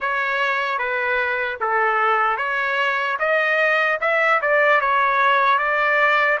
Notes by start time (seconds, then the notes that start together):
0.00 C#5
0.78 B4
1.60 A4
2.37 C#5
3.19 D#5
4.00 E5
4.41 D5
4.80 C#5
5.58 D5